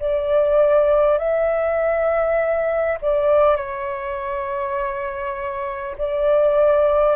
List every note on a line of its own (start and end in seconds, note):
0.00 1.18 D5
1.18 2.98 E5
3.02 3.57 D5
3.57 5.97 C#5
5.98 7.17 D5